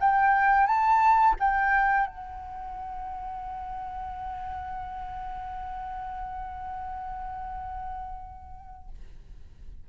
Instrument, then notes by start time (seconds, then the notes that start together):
flute
0.00 G5
0.67 A5
1.40 G5
2.07 F#5